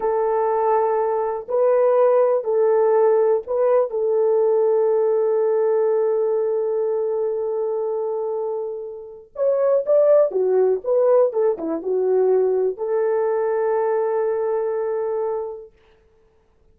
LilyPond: \new Staff \with { instrumentName = "horn" } { \time 4/4 \tempo 4 = 122 a'2. b'4~ | b'4 a'2 b'4 | a'1~ | a'1~ |
a'2. cis''4 | d''4 fis'4 b'4 a'8 e'8 | fis'2 a'2~ | a'1 | }